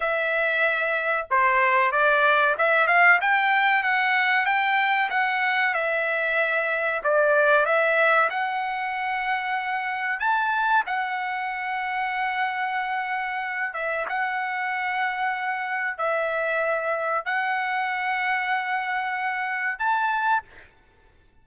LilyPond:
\new Staff \with { instrumentName = "trumpet" } { \time 4/4 \tempo 4 = 94 e''2 c''4 d''4 | e''8 f''8 g''4 fis''4 g''4 | fis''4 e''2 d''4 | e''4 fis''2. |
a''4 fis''2.~ | fis''4. e''8 fis''2~ | fis''4 e''2 fis''4~ | fis''2. a''4 | }